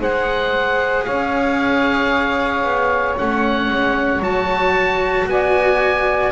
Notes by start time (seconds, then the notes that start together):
0.00 G#3 G#4 C5 F#5
1.05 C#4 C#5 F5
2.64 B3
3.17 A3 C#4 F#5
3.69 G#3
4.20 F#3 F#4 A5
5.27 B3 D5 G#5